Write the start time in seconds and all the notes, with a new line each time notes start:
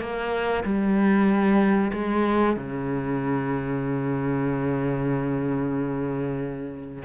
0.00 A#3
0.64 G3
1.93 G#3
2.57 C#3